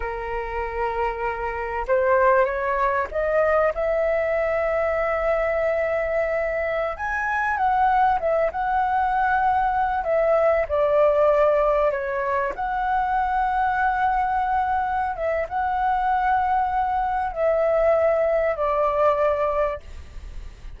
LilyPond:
\new Staff \with { instrumentName = "flute" } { \time 4/4 \tempo 4 = 97 ais'2. c''4 | cis''4 dis''4 e''2~ | e''2.~ e''16 gis''8.~ | gis''16 fis''4 e''8 fis''2~ fis''16~ |
fis''16 e''4 d''2 cis''8.~ | cis''16 fis''2.~ fis''8.~ | fis''8 e''8 fis''2. | e''2 d''2 | }